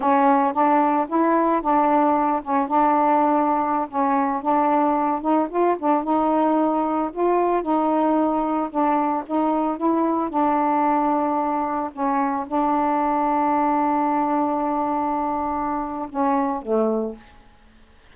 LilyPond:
\new Staff \with { instrumentName = "saxophone" } { \time 4/4 \tempo 4 = 112 cis'4 d'4 e'4 d'4~ | d'8 cis'8 d'2~ d'16 cis'8.~ | cis'16 d'4. dis'8 f'8 d'8 dis'8.~ | dis'4~ dis'16 f'4 dis'4.~ dis'16~ |
dis'16 d'4 dis'4 e'4 d'8.~ | d'2~ d'16 cis'4 d'8.~ | d'1~ | d'2 cis'4 a4 | }